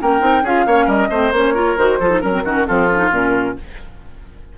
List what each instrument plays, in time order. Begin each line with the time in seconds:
0.00 bassoon A#3, clarinet C#4, oboe A#4, flute G5
0.19 bassoon C4, clarinet D#4
0.43 bassoon C#4, clarinet F4, oboe G#4, flute F5
0.66 bassoon A#3, clarinet C#4, oboe C#5
0.85 bassoon G3, oboe A#4, flute D#5
1.10 bassoon A3, clarinet C4, oboe C5
1.31 bassoon A#3, clarinet C#4, flute C#5
1.54 clarinet F4, oboe A#4
1.78 bassoon D#3, clarinet F#4, flute C5
2.00 bassoon F3, clarinet F4, oboe A4
2.10 clarinet D#4
2.21 bassoon F#3, clarinet C#4, oboe A#4, flute A#4
2.32 clarinet C4
2.44 bassoon D#3, clarinet C#4, oboe F#4
2.66 bassoon F3, clarinet C4, oboe F4, flute A4
2.91 clarinet C#4
2.98 clarinet D#4
3.10 bassoon A#2, clarinet C#4, flute A#4